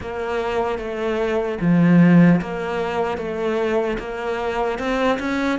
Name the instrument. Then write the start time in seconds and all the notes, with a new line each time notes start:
cello
0.00 A#3
0.78 A3
1.60 F3
2.41 A#3
3.17 A3
3.99 A#3
4.78 C4
5.19 C#4